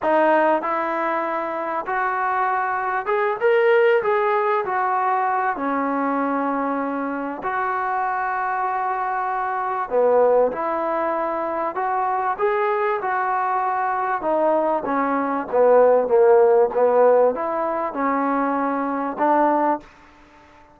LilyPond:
\new Staff \with { instrumentName = "trombone" } { \time 4/4 \tempo 4 = 97 dis'4 e'2 fis'4~ | fis'4 gis'8 ais'4 gis'4 fis'8~ | fis'4 cis'2. | fis'1 |
b4 e'2 fis'4 | gis'4 fis'2 dis'4 | cis'4 b4 ais4 b4 | e'4 cis'2 d'4 | }